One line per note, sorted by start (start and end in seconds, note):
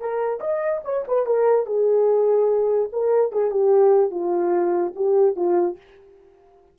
0.00 0.40 A#4
0.40 0.81 D#5
0.85 1.05 C#5
1.08 1.26 B4
1.26 1.66 A#4
1.66 2.90 G#4
2.93 3.32 A#4
3.32 3.51 G#4
3.51 4.11 G4
4.11 4.93 F4
4.96 5.36 G4
5.36 5.77 F4